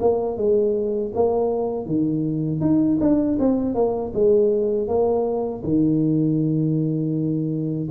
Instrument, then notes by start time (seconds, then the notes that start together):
tuba
0.00 A#3
0.36 G#3
1.14 A#3
1.86 D#3
2.60 D#4
3.00 D4
3.39 C4
3.74 A#3
4.14 G#3
4.88 A#3
5.63 D#3